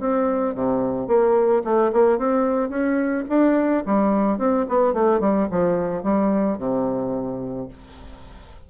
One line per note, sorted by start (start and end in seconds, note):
0.00 0.55 C4
0.55 1.07 C3
1.07 1.62 A#3
1.64 1.92 A3
1.92 2.18 A#3
2.18 2.69 C4
2.69 3.25 C#4
3.29 3.84 D4
3.86 4.38 G3
4.38 4.66 C4
4.69 4.93 B3
4.93 5.20 A3
5.20 5.48 G3
5.51 6.03 F3
6.03 6.58 G3
6.58 7.68 C3